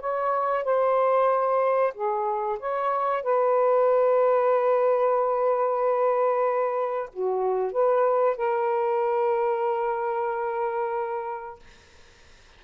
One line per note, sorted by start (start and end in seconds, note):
0.00 0.64 C#5
0.64 1.93 C5
1.94 2.58 G#4
2.59 3.23 C#5
3.23 7.10 B4
7.13 7.72 F#4
7.72 8.36 B4
8.36 11.59 A#4